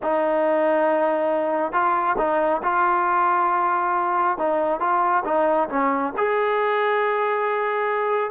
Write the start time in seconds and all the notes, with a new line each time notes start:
0.02 D#4
1.72 F4
2.18 D#4
2.63 F4
4.38 D#4
4.80 F4
5.25 D#4
5.69 C#4
6.17 G#4